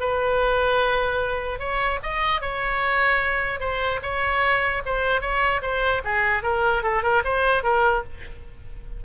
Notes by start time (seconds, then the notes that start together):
0.00 B4
1.59 C#5
2.03 D#5
2.41 C#5
3.60 C5
4.02 C#5
4.85 C5
5.21 C#5
5.62 C5
6.05 G#4
6.43 A#4
6.83 A4
7.03 A#4
7.24 C5
7.63 A#4